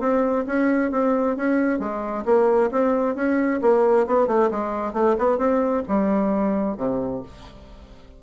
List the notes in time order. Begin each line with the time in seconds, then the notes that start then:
0.00 C4
0.46 C#4
0.91 C4
1.36 C#4
1.79 G#3
2.25 A#3
2.71 C4
3.15 C#4
3.62 A#3
4.07 B3
4.27 A3
4.51 G#3
4.93 A3
5.18 B3
5.38 C4
5.88 G3
6.77 C3